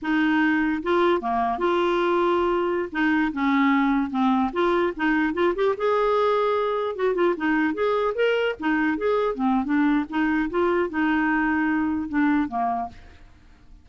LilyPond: \new Staff \with { instrumentName = "clarinet" } { \time 4/4 \tempo 4 = 149 dis'2 f'4 ais4 | f'2.~ f'16 dis'8.~ | dis'16 cis'2 c'4 f'8.~ | f'16 dis'4 f'8 g'8 gis'4.~ gis'16~ |
gis'4~ gis'16 fis'8 f'8 dis'4 gis'8.~ | gis'16 ais'4 dis'4 gis'4 c'8. | d'4 dis'4 f'4 dis'4~ | dis'2 d'4 ais4 | }